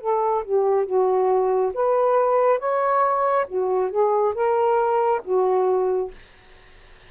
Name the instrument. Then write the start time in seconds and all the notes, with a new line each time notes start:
saxophone
0.00 A4
0.44 G4
0.85 F#4
1.74 B4
2.59 C#5
3.48 F#4
3.90 G#4
4.34 A#4
5.24 F#4